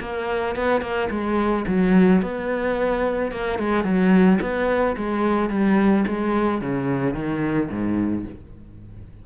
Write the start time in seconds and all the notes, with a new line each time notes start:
0.00 A#3
0.55 B3
0.81 A#3
1.10 G#3
1.67 F#3
2.22 B3
3.31 A#3
3.59 G#3
3.84 F#3
4.41 B3
4.96 G#3
5.49 G3
6.07 G#3
6.61 C#3
7.14 D#3
7.70 G#2